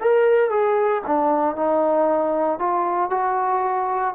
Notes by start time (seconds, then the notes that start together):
0.00 A#4
0.50 G#4
1.06 D4
1.56 D#4
2.59 F4
3.10 F#4